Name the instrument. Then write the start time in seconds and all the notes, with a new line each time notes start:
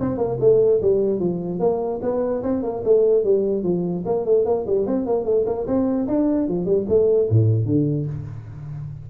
tuba
0.00 C4
0.18 A#3
0.40 A3
0.81 G3
1.19 F3
1.59 A#3
2.02 B3
2.43 C4
2.63 A#3
2.85 A3
3.24 G3
3.63 F3
4.05 A#3
4.25 A3
4.45 A#3
4.66 G3
4.86 C4
5.06 A#3
5.25 A3
5.46 A#3
5.67 C4
6.08 D4
6.48 F3
6.66 G3
6.89 A3
7.30 A2
7.65 D3